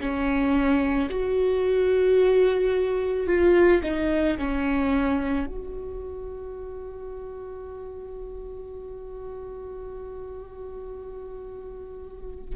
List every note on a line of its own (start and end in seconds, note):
0.00 1.09 C#4
1.10 3.27 F#4
3.27 3.82 F4
3.83 4.38 D#4
4.38 5.46 C#4
5.46 12.56 F#4